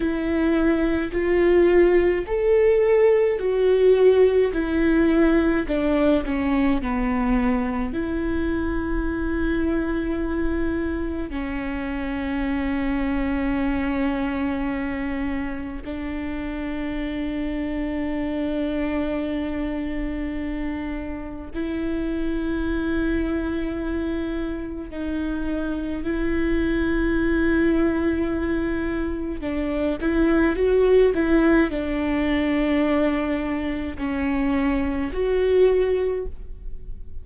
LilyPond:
\new Staff \with { instrumentName = "viola" } { \time 4/4 \tempo 4 = 53 e'4 f'4 a'4 fis'4 | e'4 d'8 cis'8 b4 e'4~ | e'2 cis'2~ | cis'2 d'2~ |
d'2. e'4~ | e'2 dis'4 e'4~ | e'2 d'8 e'8 fis'8 e'8 | d'2 cis'4 fis'4 | }